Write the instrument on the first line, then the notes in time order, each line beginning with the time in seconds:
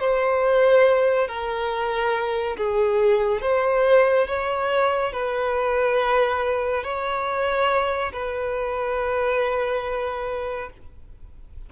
violin
0.00 C5
1.28 A#4
2.58 G#4
3.42 C5
4.28 C#5
5.13 B4
6.84 C#5
8.13 B4